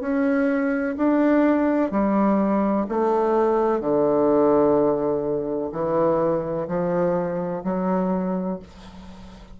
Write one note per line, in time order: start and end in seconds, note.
0.00 0.95 C#4
0.97 1.91 D4
1.91 2.86 G3
2.88 3.80 A3
3.80 5.70 D3
5.71 6.67 E3
6.67 7.62 F3
7.64 8.59 F#3